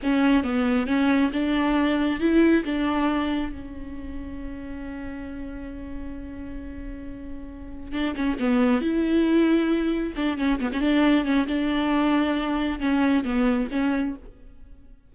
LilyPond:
\new Staff \with { instrumentName = "viola" } { \time 4/4 \tempo 4 = 136 cis'4 b4 cis'4 d'4~ | d'4 e'4 d'2 | cis'1~ | cis'1~ |
cis'2 d'8 cis'8 b4 | e'2. d'8 cis'8 | b16 cis'16 d'4 cis'8 d'2~ | d'4 cis'4 b4 cis'4 | }